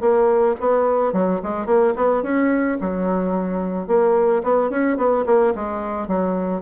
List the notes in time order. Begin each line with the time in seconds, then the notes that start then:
0.00 A#3
0.60 B3
1.13 F#3
1.43 G#3
1.66 A#3
1.96 B3
2.23 C#4
2.81 F#3
3.87 A#3
4.43 B3
4.70 C#4
4.97 B3
5.26 A#3
5.55 G#3
6.07 F#3